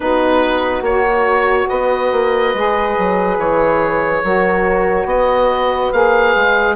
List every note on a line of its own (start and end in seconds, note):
0.00 0.81 B3
0.00 0.84 D#4
0.00 1.68 F#4
0.00 0.83 B4
0.81 1.65 A#3
0.81 1.68 C#5
0.89 2.56 F#4
1.68 2.12 B3
1.68 4.21 B4
1.68 3.37 D#5
2.12 2.54 A#3
2.54 2.96 G#3
2.54 4.24 G#4
2.98 3.37 F#3
3.37 4.22 E3
3.37 5.07 C#5
4.23 5.05 F#3
4.23 5.93 F#4
4.23 5.08 A#4
5.05 5.89 B3
5.05 6.75 B4
5.05 5.92 D#5
5.92 6.35 A#3
5.92 6.75 G#4
5.92 6.75 F5
6.35 6.75 G#3